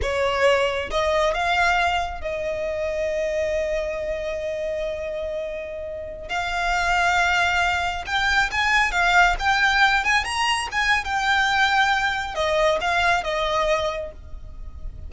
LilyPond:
\new Staff \with { instrumentName = "violin" } { \time 4/4 \tempo 4 = 136 cis''2 dis''4 f''4~ | f''4 dis''2.~ | dis''1~ | dis''2~ dis''16 f''4.~ f''16~ |
f''2~ f''16 g''4 gis''8.~ | gis''16 f''4 g''4. gis''8 ais''8.~ | ais''16 gis''8. g''2. | dis''4 f''4 dis''2 | }